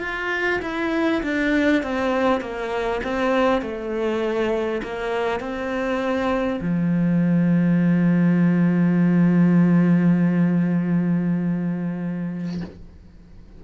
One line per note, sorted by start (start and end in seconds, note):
0.00 0.60 F4
0.62 1.22 E4
1.23 1.82 D4
1.82 2.41 C4
2.41 3.01 A#3
3.03 3.61 C4
3.61 4.81 A3
4.82 5.39 A#3
5.39 6.59 C4
6.61 12.61 F3